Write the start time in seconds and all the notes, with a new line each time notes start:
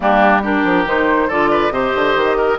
0.00 G3 A#3 D4 G4
0.42 D4 G4 A#4
0.64 F3
0.85 D#3 D#4 C5
1.28 D3 F4 A4 D5
1.50 B4
1.70 C3 G4 C5 D#5
1.95 D3
2.15 D#3
2.37 A#4